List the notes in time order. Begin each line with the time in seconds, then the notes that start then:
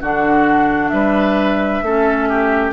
0.00 D3 D4 F#4 F#5
0.89 G3 B4 E5
1.82 A3 C#4 A4
2.29 G4